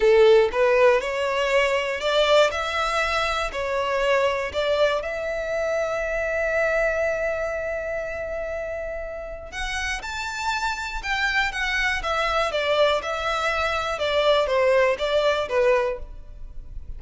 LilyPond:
\new Staff \with { instrumentName = "violin" } { \time 4/4 \tempo 4 = 120 a'4 b'4 cis''2 | d''4 e''2 cis''4~ | cis''4 d''4 e''2~ | e''1~ |
e''2. fis''4 | a''2 g''4 fis''4 | e''4 d''4 e''2 | d''4 c''4 d''4 b'4 | }